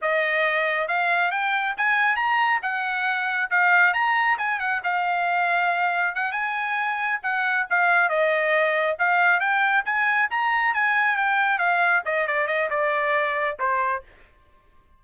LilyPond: \new Staff \with { instrumentName = "trumpet" } { \time 4/4 \tempo 4 = 137 dis''2 f''4 g''4 | gis''4 ais''4 fis''2 | f''4 ais''4 gis''8 fis''8 f''4~ | f''2 fis''8 gis''4.~ |
gis''8 fis''4 f''4 dis''4.~ | dis''8 f''4 g''4 gis''4 ais''8~ | ais''8 gis''4 g''4 f''4 dis''8 | d''8 dis''8 d''2 c''4 | }